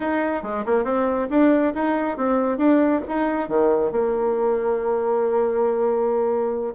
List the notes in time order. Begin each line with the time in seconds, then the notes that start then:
0.00 D#4
0.42 G#3
0.65 A#3
0.84 C4
1.30 D4
1.74 D#4
2.17 C4
2.57 D4
3.08 D#4
3.48 D#3
3.91 A#3